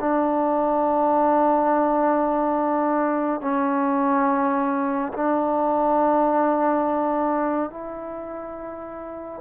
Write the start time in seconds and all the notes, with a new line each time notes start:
0.00 D4
3.41 C#4
5.14 D4
7.70 E4